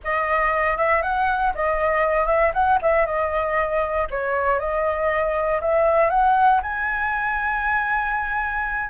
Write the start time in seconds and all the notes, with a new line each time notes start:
0.04 D#5
0.77 E5
1.02 F#5
1.54 D#5
2.26 E5
2.53 F#5
2.82 E5
3.06 D#5
4.10 C#5
4.59 D#5
5.61 E5
6.09 F#5
6.62 G#5